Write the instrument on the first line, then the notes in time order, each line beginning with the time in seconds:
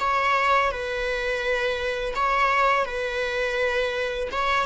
viola
0.00 C#5
0.72 B4
2.15 C#5
2.85 B4
4.32 C#5